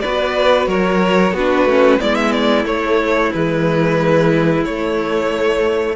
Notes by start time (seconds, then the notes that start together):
0.00 B3 F#4 B4 D5
0.67 F#3 A#4 C#5
1.32 B3 D4 F#4 B4
1.65 A3 C#4
1.99 G#3 B3 E4 D5
2.15 E5
2.32 D5
2.64 A3 C#5
3.32 E3 G#3 B4
4.64 A3 C#5